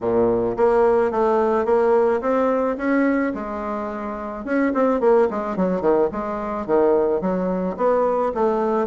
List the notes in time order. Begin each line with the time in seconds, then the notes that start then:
0.01 A#2
0.57 A#3
1.11 A3
1.65 A#3
2.21 C4
2.77 C#4
3.34 G#3
4.44 C#4
4.74 C4
5.00 A#3
5.30 G#3
5.56 F#3
5.81 D#3
6.12 G#3
6.66 D#3
7.21 F#3
7.77 B3
8.34 A3